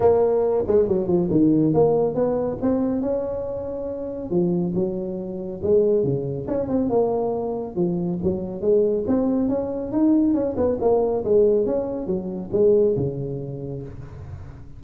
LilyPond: \new Staff \with { instrumentName = "tuba" } { \time 4/4 \tempo 4 = 139 ais4. gis8 fis8 f8 dis4 | ais4 b4 c'4 cis'4~ | cis'2 f4 fis4~ | fis4 gis4 cis4 cis'8 c'8 |
ais2 f4 fis4 | gis4 c'4 cis'4 dis'4 | cis'8 b8 ais4 gis4 cis'4 | fis4 gis4 cis2 | }